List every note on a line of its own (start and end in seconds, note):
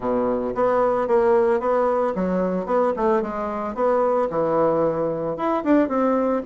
0.00 0.54 B2
0.54 1.07 B3
1.07 1.59 A#3
1.59 2.13 B3
2.15 2.65 F#3
2.65 2.92 B3
2.96 3.22 A3
3.22 3.75 G#3
3.75 4.28 B3
4.30 5.36 E3
5.36 5.63 E4
5.63 5.88 D4
5.88 6.42 C4